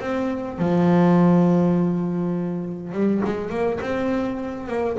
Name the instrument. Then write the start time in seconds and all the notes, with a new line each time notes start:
double bass
0.00 C4
0.59 F3
2.92 G3
3.24 G#3
3.50 A#3
3.80 C4
4.68 A#3